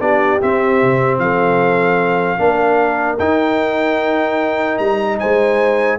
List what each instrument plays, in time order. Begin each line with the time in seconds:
0.00 tuba B3, trombone D4, horn G4, trumpet D5
0.40 trombone C4, tuba C4, trumpet E5
0.82 tuba C3
1.18 tuba F3, horn A4, trumpet F5
2.38 tuba A#3, trombone D4, horn A#4
3.19 tuba D#4, trombone D#4, trumpet G5
4.78 tuba G3, trumpet A#5
5.19 tuba G#3, horn C5, trumpet G#5